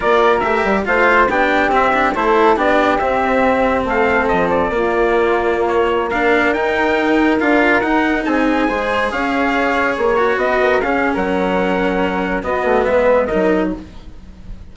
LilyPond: <<
  \new Staff \with { instrumentName = "trumpet" } { \time 4/4 \tempo 4 = 140 d''4 e''4 f''4 g''4 | e''4 c''4 d''4 e''4~ | e''4 f''4 dis''8 d''4.~ | d''4~ d''16 cis''4 f''4 g''8.~ |
g''4~ g''16 f''4 fis''4 gis''8.~ | gis''4~ gis''16 f''2 cis''8.~ | cis''16 dis''4 f''8. fis''2~ | fis''4 dis''4 e''4 dis''4 | }
  \new Staff \with { instrumentName = "flute" } { \time 4/4 ais'2 c''4 g'4~ | g'4 a'4 g'2~ | g'4 a'2 f'4~ | f'2~ f'16 ais'4.~ ais'16~ |
ais'2.~ ais'16 gis'8.~ | gis'16 c''4 cis''2~ cis''8.~ | cis''16 b'8 ais'8 gis'8. ais'2~ | ais'4 fis'4 b'4 ais'4 | }
  \new Staff \with { instrumentName = "cello" } { \time 4/4 f'4 g'4 f'4 d'4 | c'8 d'8 e'4 d'4 c'4~ | c'2. ais4~ | ais2~ ais16 d'4 dis'8.~ |
dis'4~ dis'16 f'4 dis'4.~ dis'16~ | dis'16 gis'2.~ gis'8 fis'16~ | fis'4~ fis'16 cis'2~ cis'8.~ | cis'4 b2 dis'4 | }
  \new Staff \with { instrumentName = "bassoon" } { \time 4/4 ais4 a8 g8 a4 b4 | c'4 a4 b4 c'4~ | c'4 a4 f4 ais4~ | ais2.~ ais16 dis'8.~ |
dis'4~ dis'16 d'4 dis'4 c'8.~ | c'16 gis4 cis'2 ais8.~ | ais16 b4 cis'8. fis2~ | fis4 b8 a8 gis4 fis4 | }
>>